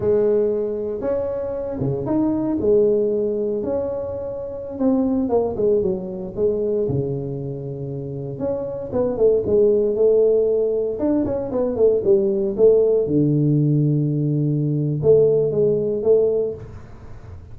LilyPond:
\new Staff \with { instrumentName = "tuba" } { \time 4/4 \tempo 4 = 116 gis2 cis'4. cis8 | dis'4 gis2 cis'4~ | cis'4~ cis'16 c'4 ais8 gis8 fis8.~ | fis16 gis4 cis2~ cis8.~ |
cis16 cis'4 b8 a8 gis4 a8.~ | a4~ a16 d'8 cis'8 b8 a8 g8.~ | g16 a4 d2~ d8.~ | d4 a4 gis4 a4 | }